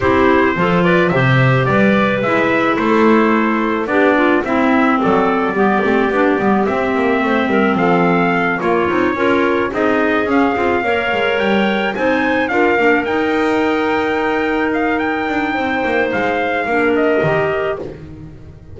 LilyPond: <<
  \new Staff \with { instrumentName = "trumpet" } { \time 4/4 \tempo 4 = 108 c''4. d''8 e''4 d''4 | e''4 c''2 d''4 | e''4 d''2. | e''2 f''4. cis''8~ |
cis''4. dis''4 f''4.~ | f''8 g''4 gis''4 f''4 g''8~ | g''2~ g''8 f''8 g''4~ | g''4 f''4. dis''4. | }
  \new Staff \with { instrumentName = "clarinet" } { \time 4/4 g'4 a'8 b'8 c''4 b'4~ | b'4 a'2 g'8 f'8 | e'4 a'4 g'2~ | g'4 c''8 ais'8 a'4. f'8~ |
f'8 ais'4 gis'2 cis''8~ | cis''4. c''4 ais'4.~ | ais'1 | c''2 ais'2 | }
  \new Staff \with { instrumentName = "clarinet" } { \time 4/4 e'4 f'4 g'2 | e'2. d'4 | c'2 b8 c'8 d'8 b8 | c'2.~ c'8 ais8 |
dis'8 f'4 dis'4 cis'8 f'8 ais'8~ | ais'4. dis'4 f'8 d'8 dis'8~ | dis'1~ | dis'2 d'4 g'4 | }
  \new Staff \with { instrumentName = "double bass" } { \time 4/4 c'4 f4 c4 g4 | gis4 a2 b4 | c'4 fis4 g8 a8 b8 g8 | c'8 ais8 a8 g8 f4. ais8 |
c'8 cis'4 c'4 cis'8 c'8 ais8 | gis8 g4 c'4 d'8 ais8 dis'8~ | dis'2.~ dis'8 d'8 | c'8 ais8 gis4 ais4 dis4 | }
>>